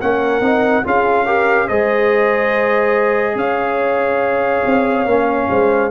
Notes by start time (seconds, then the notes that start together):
0.00 A#3 C#4 A#4 F#5
0.41 C4 D#4
0.84 C#4 F4 G#4 F5
1.25 G4 A#4
1.68 G#3 G#4 C5 D#5
3.35 C#4 C#5 F5
4.65 C4
5.06 A#3 C#4
5.50 G#3 C5